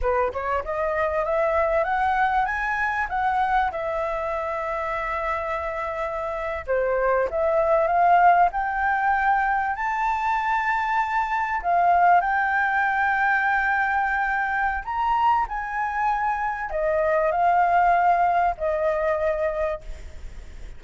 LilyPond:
\new Staff \with { instrumentName = "flute" } { \time 4/4 \tempo 4 = 97 b'8 cis''8 dis''4 e''4 fis''4 | gis''4 fis''4 e''2~ | e''2~ e''8. c''4 e''16~ | e''8. f''4 g''2 a''16~ |
a''2~ a''8. f''4 g''16~ | g''1 | ais''4 gis''2 dis''4 | f''2 dis''2 | }